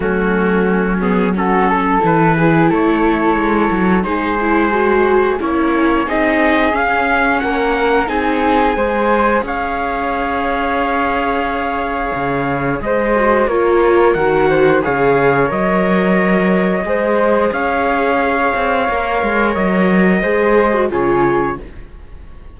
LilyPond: <<
  \new Staff \with { instrumentName = "trumpet" } { \time 4/4 \tempo 4 = 89 fis'4. gis'8 a'4 b'4 | cis''2 c''2 | cis''4 dis''4 f''4 fis''4 | gis''2 f''2~ |
f''2. dis''4 | cis''4 fis''4 f''4 dis''4~ | dis''2 f''2~ | f''4 dis''2 cis''4 | }
  \new Staff \with { instrumentName = "flute" } { \time 4/4 cis'2 fis'8 a'4 gis'8 | a'2 gis'2 | cis'4 gis'2 ais'4 | gis'4 c''4 cis''2~ |
cis''2. c''4 | ais'4. c''8 cis''2~ | cis''4 c''4 cis''2~ | cis''2 c''4 gis'4 | }
  \new Staff \with { instrumentName = "viola" } { \time 4/4 a4. b8 cis'4 e'4~ | e'2 dis'8 e'8 fis'4 | e'4 dis'4 cis'2 | dis'4 gis'2.~ |
gis'2.~ gis'8 fis'8 | f'4 fis'4 gis'4 ais'4~ | ais'4 gis'2. | ais'2 gis'8. fis'16 f'4 | }
  \new Staff \with { instrumentName = "cello" } { \time 4/4 fis2. e4 | a4 gis8 fis8 gis2 | ais4 c'4 cis'4 ais4 | c'4 gis4 cis'2~ |
cis'2 cis4 gis4 | ais4 dis4 cis4 fis4~ | fis4 gis4 cis'4. c'8 | ais8 gis8 fis4 gis4 cis4 | }
>>